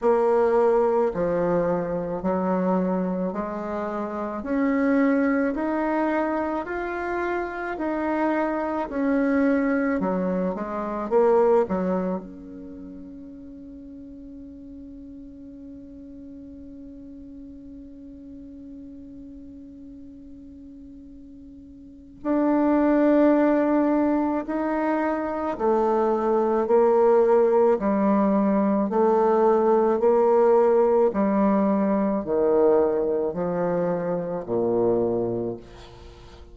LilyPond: \new Staff \with { instrumentName = "bassoon" } { \time 4/4 \tempo 4 = 54 ais4 f4 fis4 gis4 | cis'4 dis'4 f'4 dis'4 | cis'4 fis8 gis8 ais8 fis8 cis'4~ | cis'1~ |
cis'1 | d'2 dis'4 a4 | ais4 g4 a4 ais4 | g4 dis4 f4 ais,4 | }